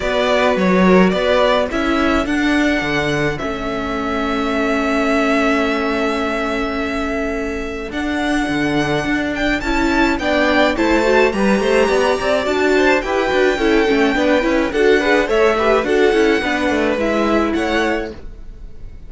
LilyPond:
<<
  \new Staff \with { instrumentName = "violin" } { \time 4/4 \tempo 4 = 106 d''4 cis''4 d''4 e''4 | fis''2 e''2~ | e''1~ | e''2 fis''2~ |
fis''8 g''8 a''4 g''4 a''4 | ais''2 a''4 g''4~ | g''2 fis''4 e''4 | fis''2 e''4 fis''4 | }
  \new Staff \with { instrumentName = "violin" } { \time 4/4 b'4. ais'8 b'4 a'4~ | a'1~ | a'1~ | a'1~ |
a'2 d''4 c''4 | b'8 c''8 d''4. c''8 b'4 | a'4 b'4 a'8 b'8 cis''8 b'8 | a'4 b'2 cis''4 | }
  \new Staff \with { instrumentName = "viola" } { \time 4/4 fis'2. e'4 | d'2 cis'2~ | cis'1~ | cis'2 d'2~ |
d'4 e'4 d'4 e'8 fis'8 | g'2 fis'4 g'8 fis'8 | e'8 cis'8 d'8 e'8 fis'8 gis'8 a'8 g'8 | fis'8 e'8 d'4 e'2 | }
  \new Staff \with { instrumentName = "cello" } { \time 4/4 b4 fis4 b4 cis'4 | d'4 d4 a2~ | a1~ | a2 d'4 d4 |
d'4 cis'4 b4 a4 | g8 a8 b8 c'8 d'4 e'8 d'8 | cis'8 a8 b8 cis'8 d'4 a4 | d'8 cis'8 b8 a8 gis4 a4 | }
>>